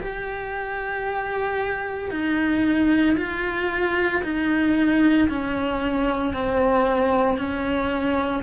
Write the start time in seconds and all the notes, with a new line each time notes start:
0.00 G4
2.11 D#4
3.17 F4
4.23 D#4
5.29 C#4
6.33 C4
7.37 C#4